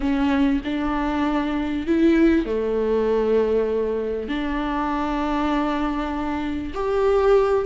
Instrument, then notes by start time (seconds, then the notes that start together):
viola
0.00 C#4
0.64 D4
1.86 E4
2.45 A3
4.28 D4
6.74 G4